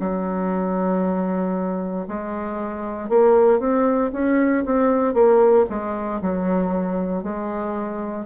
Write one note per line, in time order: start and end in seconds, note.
0.00 2.07 F#3
2.08 3.10 G#3
3.10 3.60 A#3
3.60 4.11 C4
4.13 4.65 C#4
4.66 5.14 C4
5.14 5.66 A#3
5.70 6.22 G#3
6.22 7.24 F#3
7.24 8.26 G#3